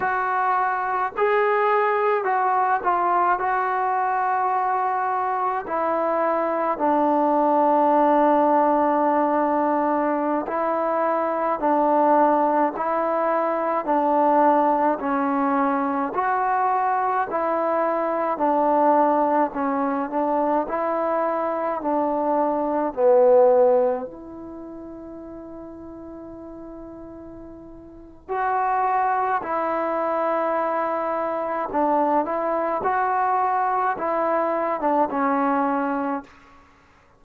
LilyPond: \new Staff \with { instrumentName = "trombone" } { \time 4/4 \tempo 4 = 53 fis'4 gis'4 fis'8 f'8 fis'4~ | fis'4 e'4 d'2~ | d'4~ d'16 e'4 d'4 e'8.~ | e'16 d'4 cis'4 fis'4 e'8.~ |
e'16 d'4 cis'8 d'8 e'4 d'8.~ | d'16 b4 e'2~ e'8.~ | e'4 fis'4 e'2 | d'8 e'8 fis'4 e'8. d'16 cis'4 | }